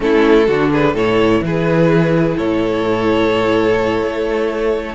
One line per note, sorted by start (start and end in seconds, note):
0.00 0.47 A3
0.00 0.46 C#4
0.00 0.47 E4
0.00 0.71 A4
0.47 0.94 D3
0.47 0.97 D4
0.47 0.70 F#4
0.71 0.93 G#4
0.71 0.96 B4
0.93 1.40 A2
0.93 4.94 E4
0.93 1.40 A4
0.93 1.44 C#5
1.40 2.35 E3
1.40 2.37 G#4
1.40 2.37 B4
2.37 4.02 A2
2.37 4.94 A4
2.37 4.94 C#5
4.02 4.94 A3